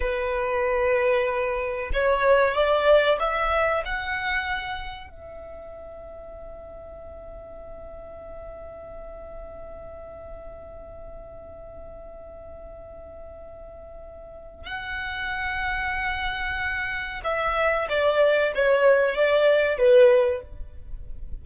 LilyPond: \new Staff \with { instrumentName = "violin" } { \time 4/4 \tempo 4 = 94 b'2. cis''4 | d''4 e''4 fis''2 | e''1~ | e''1~ |
e''1~ | e''2. fis''4~ | fis''2. e''4 | d''4 cis''4 d''4 b'4 | }